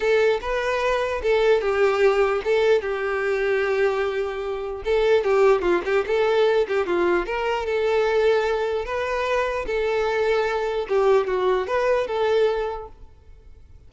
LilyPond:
\new Staff \with { instrumentName = "violin" } { \time 4/4 \tempo 4 = 149 a'4 b'2 a'4 | g'2 a'4 g'4~ | g'1 | a'4 g'4 f'8 g'8 a'4~ |
a'8 g'8 f'4 ais'4 a'4~ | a'2 b'2 | a'2. g'4 | fis'4 b'4 a'2 | }